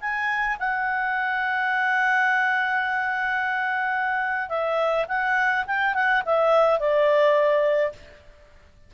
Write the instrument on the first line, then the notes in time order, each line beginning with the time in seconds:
clarinet
0.00 G#5
0.59 F#5
4.49 E5
5.08 F#5
5.66 G5
5.94 F#5
6.25 E5
6.79 D5